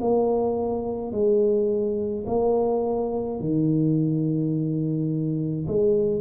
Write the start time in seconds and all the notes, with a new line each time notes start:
0.00 A#3
1.12 G#3
2.26 A#3
3.40 D#3
5.67 G#3